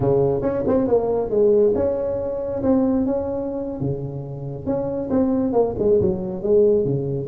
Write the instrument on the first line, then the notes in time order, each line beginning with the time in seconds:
tuba
0.00 C#3
0.41 C#4
0.67 C4
0.87 A#3
1.30 G#3
1.75 C#4
2.62 C4
3.06 C#4
3.80 C#3
4.65 C#4
5.10 C4
5.53 A#3
5.78 G#3
6.00 F#3
6.42 G#3
6.84 C#3